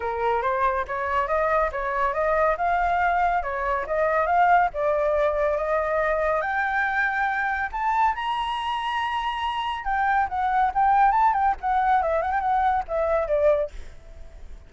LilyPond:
\new Staff \with { instrumentName = "flute" } { \time 4/4 \tempo 4 = 140 ais'4 c''4 cis''4 dis''4 | cis''4 dis''4 f''2 | cis''4 dis''4 f''4 d''4~ | d''4 dis''2 g''4~ |
g''2 a''4 ais''4~ | ais''2. g''4 | fis''4 g''4 a''8 g''8 fis''4 | e''8 fis''16 g''16 fis''4 e''4 d''4 | }